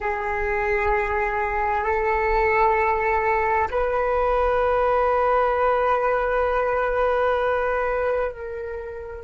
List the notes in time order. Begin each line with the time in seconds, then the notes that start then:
0.00 G#4
1.83 A4
3.70 B4
8.31 A#4